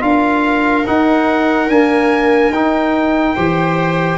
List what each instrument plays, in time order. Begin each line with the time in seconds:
0.00 tuba D4, trombone F4, viola A#4, trumpet F5
0.86 trombone D#4, tuba D#4, trumpet F#5
1.68 trombone A#3, tuba D4, trumpet G#5
2.49 tuba D#4, trombone D#4, trumpet G5
3.35 tuba E3, trombone G4, viola C5